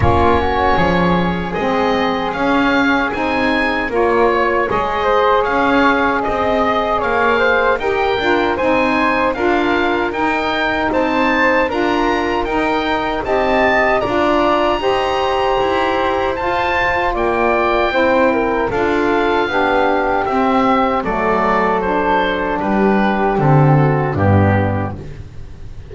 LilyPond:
<<
  \new Staff \with { instrumentName = "oboe" } { \time 4/4 \tempo 4 = 77 cis''2 dis''4 f''4 | gis''4 cis''4 dis''4 f''4 | dis''4 f''4 g''4 gis''4 | f''4 g''4 a''4 ais''4 |
g''4 a''4 ais''2~ | ais''4 a''4 g''2 | f''2 e''4 d''4 | c''4 b'4 a'4 g'4 | }
  \new Staff \with { instrumentName = "flute" } { \time 4/4 f'8 fis'8 gis'2.~ | gis'4 ais'8 cis''4 c''8 cis''4 | dis''4 cis''8 c''8 ais'4 c''4 | ais'2 c''4 ais'4~ |
ais'4 dis''4 d''4 c''4~ | c''2 d''4 c''8 ais'8 | a'4 g'2 a'4~ | a'4 g'4. fis'8 d'4 | }
  \new Staff \with { instrumentName = "saxophone" } { \time 4/4 cis'2 c'4 cis'4 | dis'4 f'4 gis'2~ | gis'2 g'8 f'8 dis'4 | f'4 dis'2 f'4 |
dis'4 g'4 f'4 g'4~ | g'4 f'2 e'4 | f'4 d'4 c'4 a4 | d'2 c'4 b4 | }
  \new Staff \with { instrumentName = "double bass" } { \time 4/4 ais4 f4 gis4 cis'4 | c'4 ais4 gis4 cis'4 | c'4 ais4 dis'8 d'8 c'4 | d'4 dis'4 c'4 d'4 |
dis'4 c'4 d'4 dis'4 | e'4 f'4 ais4 c'4 | d'4 b4 c'4 fis4~ | fis4 g4 d4 g,4 | }
>>